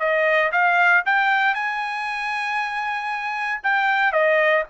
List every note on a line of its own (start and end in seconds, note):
0.00 0.52 D#5
0.52 1.04 F5
1.06 1.55 G5
1.55 3.62 G#5
3.63 4.13 G5
4.13 4.65 D#5